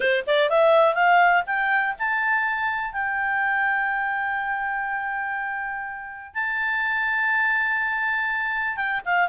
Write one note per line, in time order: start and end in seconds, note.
0.00 0.24 C5
0.26 0.49 D5
0.49 0.94 E5
0.94 1.43 F5
1.46 1.95 G5
1.98 2.93 A5
2.93 6.34 G5
6.34 8.76 A5
8.76 9.00 G5
9.05 9.28 F5